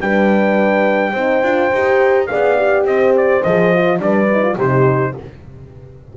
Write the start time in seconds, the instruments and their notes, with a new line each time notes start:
0.00 double bass G3, horn D4 B4, trumpet G5
1.12 double bass C4, horn D#4 C5
1.42 double bass D4, horn F4
1.71 double bass D#4, horn G4
2.26 horn G#4 D5, trumpet F5
2.33 double bass B3
2.57 horn G4
2.84 double bass C4, horn C5, trumpet D#5
3.16 trumpet D5
3.43 double bass F3, horn G#4, trumpet D#5
3.73 horn F4
3.98 double bass G3, horn D4 B4, trumpet D5
4.31 horn D#4
4.42 horn F4
4.56 double bass C3, horn D#4 G4, trumpet C5